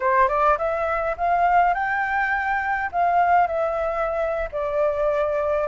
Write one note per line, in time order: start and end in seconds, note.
0.00 0.28 C5
0.28 0.57 D5
0.57 1.16 E5
1.17 1.74 F5
1.74 2.90 G5
2.92 3.47 F5
3.47 4.49 E5
4.52 5.67 D5